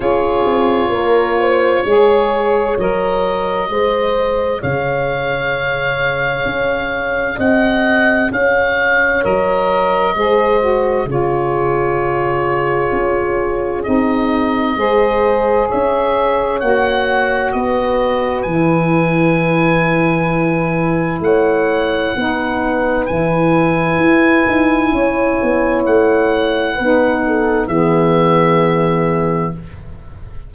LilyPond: <<
  \new Staff \with { instrumentName = "oboe" } { \time 4/4 \tempo 4 = 65 cis''2. dis''4~ | dis''4 f''2. | fis''4 f''4 dis''2 | cis''2. dis''4~ |
dis''4 e''4 fis''4 dis''4 | gis''2. fis''4~ | fis''4 gis''2. | fis''2 e''2 | }
  \new Staff \with { instrumentName = "horn" } { \time 4/4 gis'4 ais'8 c''8 cis''2 | c''4 cis''2. | dis''4 cis''2 c''4 | gis'1 |
c''4 cis''2 b'4~ | b'2. cis''4 | b'2. cis''4~ | cis''4 b'8 a'8 gis'2 | }
  \new Staff \with { instrumentName = "saxophone" } { \time 4/4 f'2 gis'4 ais'4 | gis'1~ | gis'2 ais'4 gis'8 fis'8 | f'2. dis'4 |
gis'2 fis'2 | e'1 | dis'4 e'2.~ | e'4 dis'4 b2 | }
  \new Staff \with { instrumentName = "tuba" } { \time 4/4 cis'8 c'8 ais4 gis4 fis4 | gis4 cis2 cis'4 | c'4 cis'4 fis4 gis4 | cis2 cis'4 c'4 |
gis4 cis'4 ais4 b4 | e2. a4 | b4 e4 e'8 dis'8 cis'8 b8 | a4 b4 e2 | }
>>